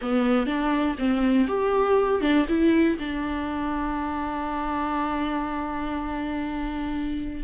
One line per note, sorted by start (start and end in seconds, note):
0.01 0.46 B3
0.46 0.96 D4
0.98 1.47 C4
1.47 2.21 G4
2.21 2.46 D4
2.48 2.98 E4
2.99 7.43 D4